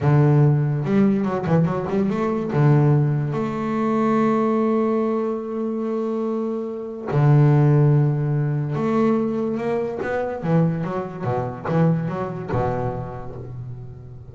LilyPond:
\new Staff \with { instrumentName = "double bass" } { \time 4/4 \tempo 4 = 144 d2 g4 fis8 e8 | fis8 g8 a4 d2 | a1~ | a1~ |
a4 d2.~ | d4 a2 ais4 | b4 e4 fis4 b,4 | e4 fis4 b,2 | }